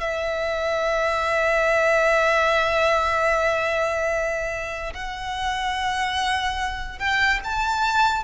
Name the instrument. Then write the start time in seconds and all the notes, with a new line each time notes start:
violin
0.00 E5
4.94 F#5
6.98 G5
7.44 A5